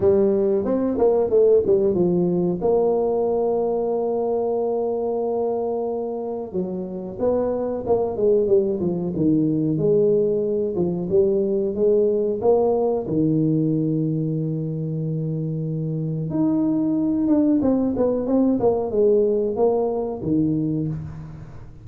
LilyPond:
\new Staff \with { instrumentName = "tuba" } { \time 4/4 \tempo 4 = 92 g4 c'8 ais8 a8 g8 f4 | ais1~ | ais2 fis4 b4 | ais8 gis8 g8 f8 dis4 gis4~ |
gis8 f8 g4 gis4 ais4 | dis1~ | dis4 dis'4. d'8 c'8 b8 | c'8 ais8 gis4 ais4 dis4 | }